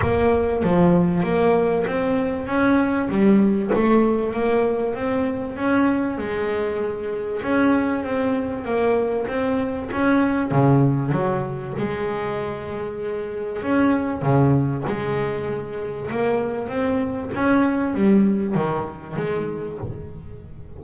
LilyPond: \new Staff \with { instrumentName = "double bass" } { \time 4/4 \tempo 4 = 97 ais4 f4 ais4 c'4 | cis'4 g4 a4 ais4 | c'4 cis'4 gis2 | cis'4 c'4 ais4 c'4 |
cis'4 cis4 fis4 gis4~ | gis2 cis'4 cis4 | gis2 ais4 c'4 | cis'4 g4 dis4 gis4 | }